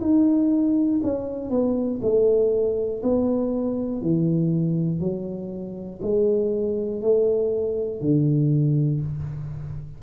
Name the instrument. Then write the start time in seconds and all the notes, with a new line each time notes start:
tuba
0.00 D#4
1.03 C#4
1.50 B3
2.01 A3
3.02 B3
4.01 E3
5.00 F#3
6.01 G#3
7.01 A3
8.00 D3